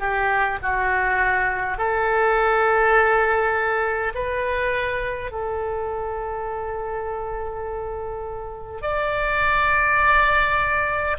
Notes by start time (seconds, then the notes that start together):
0.00 G4
0.63 F#4
1.78 A4
4.15 B4
5.32 A4
8.82 D5